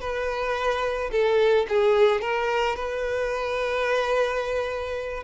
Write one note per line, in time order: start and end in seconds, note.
0.00 1.10 B4
1.11 1.66 A4
1.68 2.21 G#4
2.21 2.75 A#4
2.75 5.23 B4